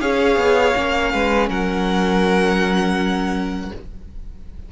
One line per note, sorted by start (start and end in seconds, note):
0.00 0.37 C#4
0.00 0.74 G#4
0.00 1.12 C#5
0.00 1.49 F5
0.37 0.74 B3
0.75 1.14 A#3
0.75 3.71 C#4
1.13 1.49 G#3
1.13 1.50 B4
1.49 3.72 F#3
1.49 3.72 A#4
1.49 3.73 F#5